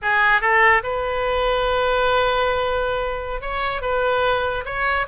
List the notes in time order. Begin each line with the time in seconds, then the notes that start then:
0.02 G#4
0.41 A4
0.83 B4
3.41 C#5
3.81 B4
4.65 C#5